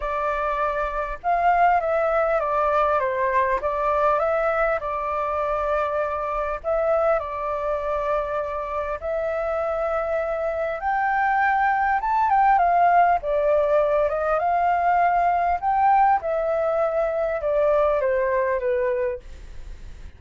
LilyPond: \new Staff \with { instrumentName = "flute" } { \time 4/4 \tempo 4 = 100 d''2 f''4 e''4 | d''4 c''4 d''4 e''4 | d''2. e''4 | d''2. e''4~ |
e''2 g''2 | a''8 g''8 f''4 d''4. dis''8 | f''2 g''4 e''4~ | e''4 d''4 c''4 b'4 | }